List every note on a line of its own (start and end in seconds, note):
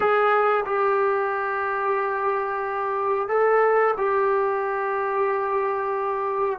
0.00 0.64 G#4
0.65 3.28 G4
3.28 3.94 A4
3.97 6.59 G4